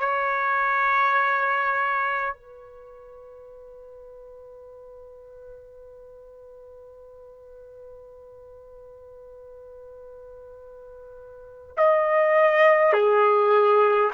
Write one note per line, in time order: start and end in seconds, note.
0.00 2.34 C#5
2.34 11.75 B4
11.78 12.94 D#5
12.94 14.11 G#4